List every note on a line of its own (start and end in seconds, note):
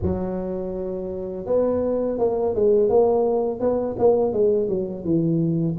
0.02 1.46 F#3
1.46 2.18 B3
2.18 2.54 A#3
2.54 2.89 G#3
2.89 3.59 A#3
3.59 3.96 B3
3.99 4.32 A#3
4.32 4.68 G#3
4.68 5.04 F#3
5.04 5.76 E3